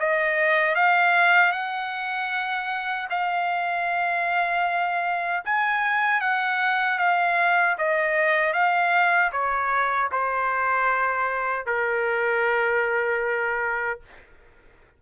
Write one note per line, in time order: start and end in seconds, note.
0.00 0.75 D#5
0.75 1.52 F5
1.52 3.08 F#5
3.10 5.44 F5
5.45 6.21 G#5
6.21 6.98 F#5
6.98 7.76 F5
7.79 8.53 D#5
8.53 9.31 F5
9.32 10.10 C#5
10.12 11.66 C5
11.66 14.00 A#4